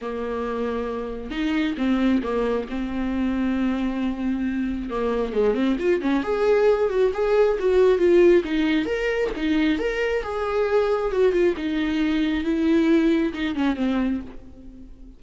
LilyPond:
\new Staff \with { instrumentName = "viola" } { \time 4/4 \tempo 4 = 135 ais2. dis'4 | c'4 ais4 c'2~ | c'2. ais4 | gis8 c'8 f'8 cis'8 gis'4. fis'8 |
gis'4 fis'4 f'4 dis'4 | ais'4 dis'4 ais'4 gis'4~ | gis'4 fis'8 f'8 dis'2 | e'2 dis'8 cis'8 c'4 | }